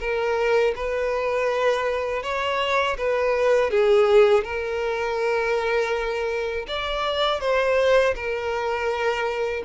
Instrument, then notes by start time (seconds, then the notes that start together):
violin
0.00 A#4
0.76 B4
2.23 C#5
2.98 B4
3.70 G#4
4.44 A#4
6.68 D5
7.40 C5
8.15 A#4